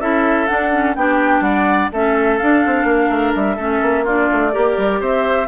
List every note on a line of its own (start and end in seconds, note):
0.00 0.48 C#4
0.00 0.48 E4
0.00 0.96 A4
0.00 0.47 E5
0.47 0.72 D4
0.47 0.96 D4
0.47 0.95 F#5
0.72 0.96 C#4
0.95 1.41 B3
0.95 1.92 D4
0.95 1.44 G4
0.95 1.41 G5
1.41 1.88 G3
1.41 1.92 D5
1.41 1.89 F#5
1.92 2.40 A3
1.92 2.40 C#4
1.92 2.87 A4
1.92 2.38 E5
2.38 3.58 D4
2.38 2.66 D4
2.38 3.33 F5
2.66 2.84 C4
2.84 3.08 A#3
2.84 3.56 A#4
3.10 3.34 A3
3.35 3.57 G3
3.35 4.06 E5
3.56 3.81 A3
3.56 4.06 C#4
3.56 4.04 A4
3.82 4.30 A#3
4.04 4.52 D4
4.04 4.51 F4
4.04 5.02 D5
4.32 4.56 A3
4.52 4.78 A#3
4.52 5.47 G4
4.52 5.00 A#4
4.78 5.01 G3
5.00 5.48 C4
5.00 5.48 C5
5.00 5.48 E5